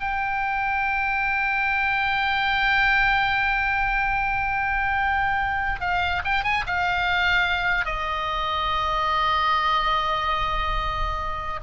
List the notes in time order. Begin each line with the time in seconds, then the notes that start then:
0.00 G5
5.81 F5
6.25 G5
6.44 G#5
6.67 F5
7.85 D#5